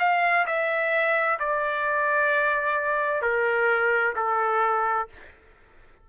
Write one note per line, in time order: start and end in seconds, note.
0.00 0.46 F5
0.47 1.39 E5
1.40 3.22 D5
3.22 4.15 A#4
4.16 5.09 A4